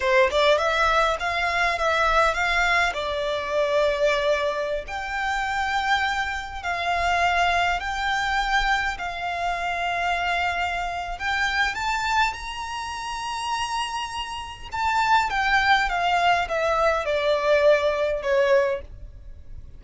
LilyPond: \new Staff \with { instrumentName = "violin" } { \time 4/4 \tempo 4 = 102 c''8 d''8 e''4 f''4 e''4 | f''4 d''2.~ | d''16 g''2. f''8.~ | f''4~ f''16 g''2 f''8.~ |
f''2. g''4 | a''4 ais''2.~ | ais''4 a''4 g''4 f''4 | e''4 d''2 cis''4 | }